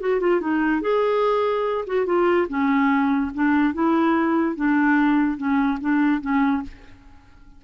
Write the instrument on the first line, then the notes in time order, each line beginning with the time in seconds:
clarinet
0.00 F#4
0.20 F4
0.40 D#4
0.81 G#4
1.86 F#4
2.06 F4
2.48 C#4
3.34 D4
3.74 E4
4.55 D4
5.37 C#4
5.80 D4
6.21 C#4